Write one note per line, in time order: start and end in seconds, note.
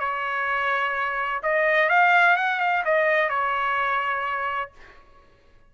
0.00 1.42 C#5
1.43 1.89 D#5
1.89 2.36 F5
2.37 2.60 F#5
2.60 2.84 F5
2.85 3.30 D#5
3.30 4.71 C#5